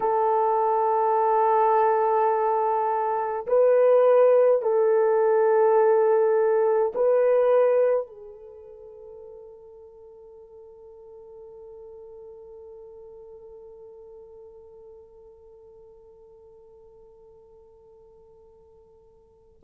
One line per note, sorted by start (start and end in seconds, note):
0.00 3.46 A4
3.46 4.62 B4
4.62 6.92 A4
6.94 8.07 B4
8.07 19.60 A4